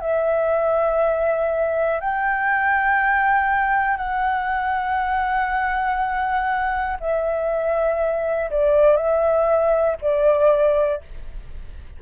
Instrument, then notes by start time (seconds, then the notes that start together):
flute
0.00 E5
2.00 G5
3.97 F#5
7.00 E5
8.50 D5
8.97 E5
10.01 D5